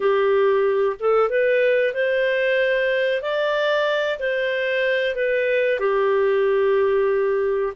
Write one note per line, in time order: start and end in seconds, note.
0.00 0.96 G4
0.99 1.29 A4
1.29 1.93 B4
1.93 3.22 C5
3.22 4.18 D5
4.19 5.15 C5
5.15 5.79 B4
5.79 7.73 G4